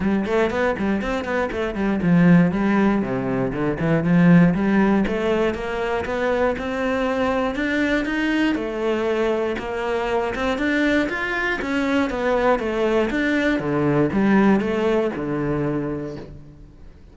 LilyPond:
\new Staff \with { instrumentName = "cello" } { \time 4/4 \tempo 4 = 119 g8 a8 b8 g8 c'8 b8 a8 g8 | f4 g4 c4 d8 e8 | f4 g4 a4 ais4 | b4 c'2 d'4 |
dis'4 a2 ais4~ | ais8 c'8 d'4 f'4 cis'4 | b4 a4 d'4 d4 | g4 a4 d2 | }